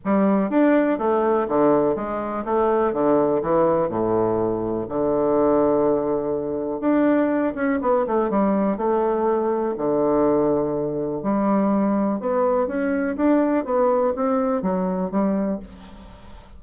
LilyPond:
\new Staff \with { instrumentName = "bassoon" } { \time 4/4 \tempo 4 = 123 g4 d'4 a4 d4 | gis4 a4 d4 e4 | a,2 d2~ | d2 d'4. cis'8 |
b8 a8 g4 a2 | d2. g4~ | g4 b4 cis'4 d'4 | b4 c'4 fis4 g4 | }